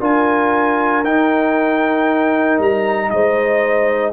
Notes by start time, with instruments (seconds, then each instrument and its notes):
0.00 tuba D4, trombone F4, horn A#4, trumpet G#5
1.04 tuba D#4, trombone D#4, trumpet G5
2.59 tuba G3, trumpet A#5
3.10 tuba G#3, horn C5, trumpet D#5